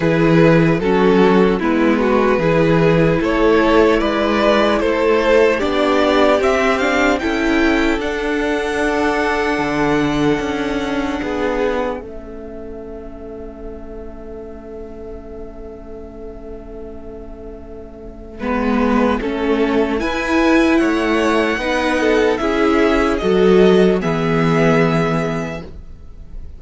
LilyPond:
<<
  \new Staff \with { instrumentName = "violin" } { \time 4/4 \tempo 4 = 75 b'4 a'4 b'2 | cis''4 d''4 c''4 d''4 | e''8 f''8 g''4 fis''2~ | fis''2. e''4~ |
e''1~ | e''1~ | e''4 gis''4 fis''2 | e''4 dis''4 e''2 | }
  \new Staff \with { instrumentName = "violin" } { \time 4/4 gis'4 fis'4 e'8 fis'8 gis'4 | a'4 b'4 a'4 g'4~ | g'4 a'2.~ | a'2 gis'4 a'4~ |
a'1~ | a'2. b'4 | a'4 b'4 cis''4 b'8 a'8 | gis'4 a'4 gis'2 | }
  \new Staff \with { instrumentName = "viola" } { \time 4/4 e'4 cis'4 b4 e'4~ | e'2. d'4 | c'8 d'8 e'4 d'2~ | d'2. cis'4~ |
cis'1~ | cis'2. b4 | cis'4 e'2 dis'4 | e'4 fis'4 b2 | }
  \new Staff \with { instrumentName = "cello" } { \time 4/4 e4 fis4 gis4 e4 | a4 gis4 a4 b4 | c'4 cis'4 d'2 | d4 cis'4 b4 a4~ |
a1~ | a2. gis4 | a4 e'4 a4 b4 | cis'4 fis4 e2 | }
>>